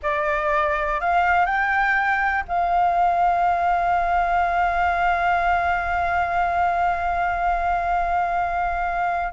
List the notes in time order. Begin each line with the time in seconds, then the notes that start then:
0.02 D5
1.00 F5
1.45 G5
2.48 F5